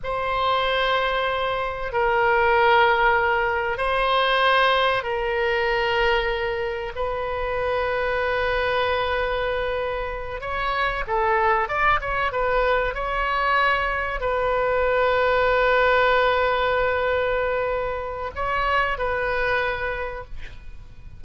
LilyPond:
\new Staff \with { instrumentName = "oboe" } { \time 4/4 \tempo 4 = 95 c''2. ais'4~ | ais'2 c''2 | ais'2. b'4~ | b'1~ |
b'8 cis''4 a'4 d''8 cis''8 b'8~ | b'8 cis''2 b'4.~ | b'1~ | b'4 cis''4 b'2 | }